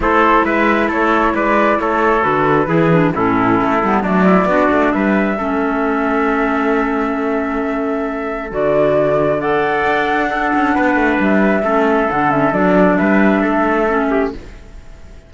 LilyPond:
<<
  \new Staff \with { instrumentName = "flute" } { \time 4/4 \tempo 4 = 134 c''4 e''4 cis''4 d''4 | cis''4 b'2 a'4~ | a'4 d''2 e''4~ | e''1~ |
e''2. d''4~ | d''4 fis''2.~ | fis''4 e''2 fis''8 e''8 | d''4 e''2. | }
  \new Staff \with { instrumentName = "trumpet" } { \time 4/4 a'4 b'4 a'4 b'4 | a'2 gis'4 e'4~ | e'4 d'8 e'8 fis'4 b'4 | a'1~ |
a'1~ | a'4 d''2 a'4 | b'2 a'2~ | a'4 b'4 a'4. g'8 | }
  \new Staff \with { instrumentName = "clarinet" } { \time 4/4 e'1~ | e'4 fis'4 e'8 d'8 cis'4~ | cis'8 b8 a4 d'2 | cis'1~ |
cis'2. fis'4~ | fis'4 a'2 d'4~ | d'2 cis'4 d'8 cis'8 | d'2. cis'4 | }
  \new Staff \with { instrumentName = "cello" } { \time 4/4 a4 gis4 a4 gis4 | a4 d4 e4 a,4 | a8 g8 fis4 b8 a8 g4 | a1~ |
a2. d4~ | d2 d'4. cis'8 | b8 a8 g4 a4 d4 | fis4 g4 a2 | }
>>